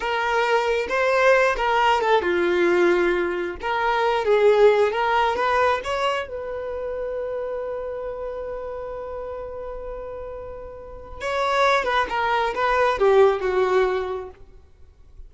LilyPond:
\new Staff \with { instrumentName = "violin" } { \time 4/4 \tempo 4 = 134 ais'2 c''4. ais'8~ | ais'8 a'8 f'2. | ais'4. gis'4. ais'4 | b'4 cis''4 b'2~ |
b'1~ | b'1~ | b'4 cis''4. b'8 ais'4 | b'4 g'4 fis'2 | }